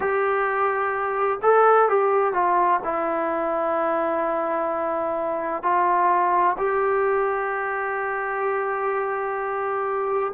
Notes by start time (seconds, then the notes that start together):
0.00 G4
1.42 A4
1.89 G4
2.33 F4
2.84 E4
5.62 F4
6.58 G4